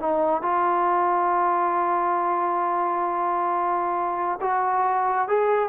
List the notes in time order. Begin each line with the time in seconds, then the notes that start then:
0.00 D#4
0.42 F4
4.41 F#4
5.28 G#4